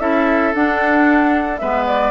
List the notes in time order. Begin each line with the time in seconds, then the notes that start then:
0.00 C#4 E4 A4 E5
0.54 D4 F#5
1.57 G#3 B3 B4 E5
1.86 D5